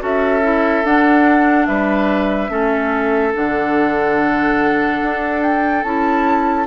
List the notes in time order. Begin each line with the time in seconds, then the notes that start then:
0.00 C#4 F#4 A4 E5
0.42 E4
0.85 D4 F#5
1.66 G3 B4 E5
2.50 A3 C#4 A4
3.34 D3 D4 F#5
5.03 D4
5.42 G5
5.84 C#4 E4 A5